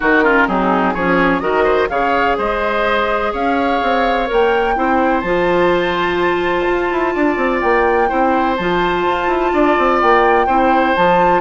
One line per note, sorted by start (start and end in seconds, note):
0.00 0.47 D#3
0.00 0.23 D#4
0.00 0.23 F#4
0.00 0.48 A#4
0.23 0.47 C#4
0.23 0.47 F4
0.47 0.95 F#3
0.47 0.95 C4
0.47 0.94 D#4
0.47 0.94 G#4
0.94 1.41 F3
0.94 1.40 C#4
0.94 1.41 G#4
0.94 1.40 C#5
1.40 1.89 D#3
1.40 1.88 F#4
1.40 1.64 A#4
1.40 1.87 D#5
1.64 1.87 C5
1.89 2.37 C#3
1.89 4.26 G#4
1.89 2.37 C#5
1.89 2.36 F5
2.37 3.33 G#3
2.37 3.32 C5
2.37 3.33 D#5
3.32 3.81 C#4
3.32 4.75 C#5
3.32 4.29 F5
3.82 4.29 C4
4.26 4.77 A#3
4.26 4.74 A#4
4.33 5.20 G5
4.75 5.23 C4
4.75 5.23 E4
4.75 7.14 C5
5.20 6.66 F3
5.20 8.08 F4
5.20 7.58 A5
6.66 6.90 F4
6.91 7.15 E4
7.14 7.37 D4
7.14 8.08 D5
7.37 7.60 C4
7.60 8.11 A#3
7.60 8.56 G5
8.08 8.58 C4
8.08 8.55 E4
8.08 9.51 C5
8.56 9.05 F3
8.56 10.48 F4
8.56 9.99 A5
9.05 9.27 F4
9.27 9.51 E4
9.53 9.77 D4
9.53 10.46 D5
9.78 10.01 C4
10.01 10.47 A#3
10.01 10.95 G5
10.46 10.94 C4
10.46 10.96 E4
10.46 11.40 C5
10.95 11.40 F3
10.95 11.40 F4
10.95 11.40 A5